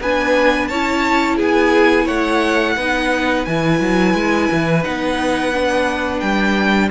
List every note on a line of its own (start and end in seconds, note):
0.00 0.70 B3
0.00 0.72 D4
0.00 0.69 B4
0.00 0.67 G#5
0.67 1.39 C#4
0.67 2.78 E4
0.67 1.36 C#5
0.67 1.36 A5
1.36 2.08 B3
1.36 2.05 G#4
1.42 2.07 G#5
2.05 2.77 A3
2.05 2.74 C#5
2.05 3.45 F#5
2.76 3.46 B3
2.76 3.47 D#4
2.76 6.90 B4
3.45 3.80 E3
3.45 4.83 E4
3.45 4.83 G#5
3.80 4.14 F#3
4.14 4.48 G#3
4.52 4.86 E3
4.83 6.21 B3
4.83 5.52 D#4
4.83 6.20 F#5
5.53 6.90 D4
6.20 6.90 G3
6.20 6.89 G5